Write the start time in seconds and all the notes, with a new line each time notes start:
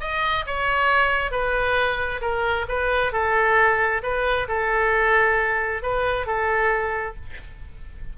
0.00 D#5
0.46 C#5
1.31 B4
2.21 A#4
2.68 B4
3.12 A4
4.02 B4
4.48 A4
5.82 B4
6.26 A4